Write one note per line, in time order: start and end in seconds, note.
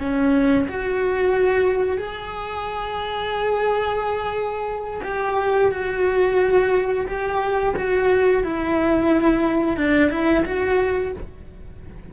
0.00 0.67 C#4
0.68 1.98 F#4
1.98 5.02 G#4
5.04 5.72 G4
5.72 7.07 F#4
7.08 7.75 G4
7.77 8.44 F#4
8.44 9.77 E4
9.77 10.11 D4
10.11 10.45 E4
10.46 11.13 F#4